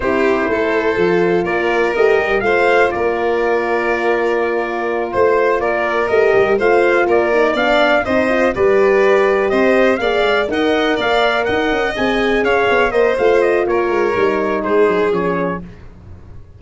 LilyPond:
<<
  \new Staff \with { instrumentName = "trumpet" } { \time 4/4 \tempo 4 = 123 c''2. d''4 | dis''4 f''4 d''2~ | d''2~ d''8 c''4 d''8~ | d''8 dis''4 f''4 d''4 f''8~ |
f''8 dis''4 d''2 dis''8~ | dis''8 f''4 fis''4 f''4 fis''8~ | fis''8 gis''4 f''4 dis''8 f''8 dis''8 | cis''2 c''4 cis''4 | }
  \new Staff \with { instrumentName = "violin" } { \time 4/4 g'4 a'2 ais'4~ | ais'4 c''4 ais'2~ | ais'2~ ais'8 c''4 ais'8~ | ais'4. c''4 ais'4 d''8~ |
d''8 c''4 b'2 c''8~ | c''8 d''4 dis''4 d''4 dis''8~ | dis''4. cis''4 c''4. | ais'2 gis'2 | }
  \new Staff \with { instrumentName = "horn" } { \time 4/4 e'2 f'2 | g'4 f'2.~ | f'1~ | f'8 g'4 f'4. dis'8 d'8~ |
d'8 dis'8 f'8 g'2~ g'8~ | g'8 gis'4 ais'2~ ais'8~ | ais'8 gis'2 ais'8 f'4~ | f'4 dis'2 cis'4 | }
  \new Staff \with { instrumentName = "tuba" } { \time 4/4 c'4 a4 f4 ais4 | a8 g8 a4 ais2~ | ais2~ ais8 a4 ais8~ | ais8 a8 g8 a4 ais4 b8~ |
b8 c'4 g2 c'8~ | c'8 ais8 gis8 dis'4 ais4 dis'8 | cis'8 c'4 cis'8 b8 ais8 a4 | ais8 gis8 g4 gis8 fis8 f4 | }
>>